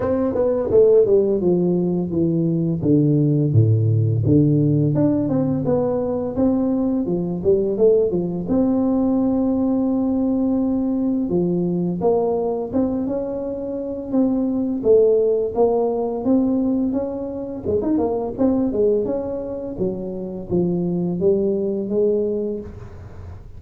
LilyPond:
\new Staff \with { instrumentName = "tuba" } { \time 4/4 \tempo 4 = 85 c'8 b8 a8 g8 f4 e4 | d4 a,4 d4 d'8 c'8 | b4 c'4 f8 g8 a8 f8 | c'1 |
f4 ais4 c'8 cis'4. | c'4 a4 ais4 c'4 | cis'4 gis16 dis'16 ais8 c'8 gis8 cis'4 | fis4 f4 g4 gis4 | }